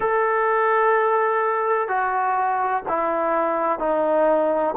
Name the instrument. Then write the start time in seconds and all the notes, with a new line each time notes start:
trombone
0.00 A4
1.88 F#4
2.88 E4
3.79 D#4